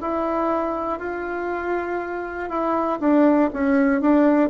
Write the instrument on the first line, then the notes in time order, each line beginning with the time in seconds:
bassoon
0.00 E4
0.99 F4
2.49 E4
3.00 D4
3.53 C#4
4.00 D4